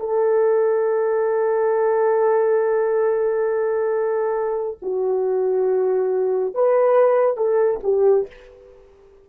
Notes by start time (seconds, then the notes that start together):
0.00 A4
4.82 F#4
6.55 B4
7.37 A4
7.84 G4